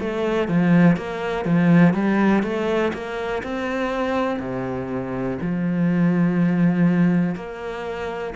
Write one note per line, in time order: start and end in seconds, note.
0.00 0.48 A3
0.48 0.97 F3
0.97 1.45 A#3
1.45 1.94 F3
1.94 2.43 G3
2.43 2.92 A3
2.94 3.43 A#3
3.43 4.39 C4
4.39 5.38 C3
5.42 7.35 F3
7.35 8.34 A#3